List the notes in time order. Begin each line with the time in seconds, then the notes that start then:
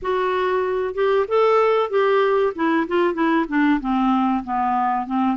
0.01 F#4
0.94 G4
1.27 A4
1.89 G4
2.55 E4
2.87 F4
3.14 E4
3.48 D4
3.80 C4
4.44 B3
5.06 C4